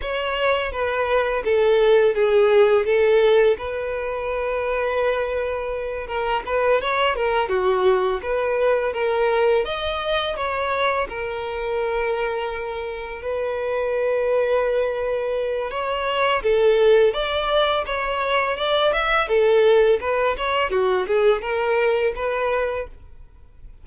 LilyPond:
\new Staff \with { instrumentName = "violin" } { \time 4/4 \tempo 4 = 84 cis''4 b'4 a'4 gis'4 | a'4 b'2.~ | b'8 ais'8 b'8 cis''8 ais'8 fis'4 b'8~ | b'8 ais'4 dis''4 cis''4 ais'8~ |
ais'2~ ais'8 b'4.~ | b'2 cis''4 a'4 | d''4 cis''4 d''8 e''8 a'4 | b'8 cis''8 fis'8 gis'8 ais'4 b'4 | }